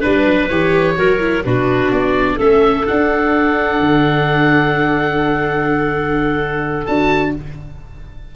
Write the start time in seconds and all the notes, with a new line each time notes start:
0.00 G3 D4 B4
0.26 F#3
0.49 E3 G4 C#5
0.96 F#3 F#4 A#4
1.20 E4
1.45 B2 D4 F#4 B4
1.91 B3 D5
2.36 A3 C#4 A4 E5
2.86 D4 F#5
3.80 D3
6.86 D4 F#4 A5